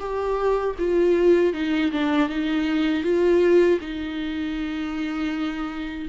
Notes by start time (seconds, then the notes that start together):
0.00 G4
0.79 F4
1.54 D#4
1.92 D4
2.29 D#4
3.03 F4
3.81 D#4